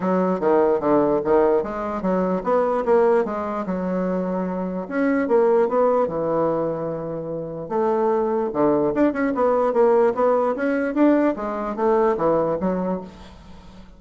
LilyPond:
\new Staff \with { instrumentName = "bassoon" } { \time 4/4 \tempo 4 = 148 fis4 dis4 d4 dis4 | gis4 fis4 b4 ais4 | gis4 fis2. | cis'4 ais4 b4 e4~ |
e2. a4~ | a4 d4 d'8 cis'8 b4 | ais4 b4 cis'4 d'4 | gis4 a4 e4 fis4 | }